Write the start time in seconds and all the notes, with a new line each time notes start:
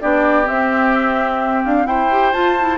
0.00 B3 D4 G4 D5
0.44 C4 E5
1.64 D4 F5
1.86 E4 C5 G5
2.10 G4
2.32 F4 A5
2.60 E4